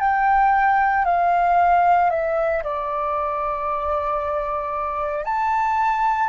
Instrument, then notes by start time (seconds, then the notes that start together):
flute
0.00 G5
1.05 F5
2.11 E5
2.63 D5
5.25 A5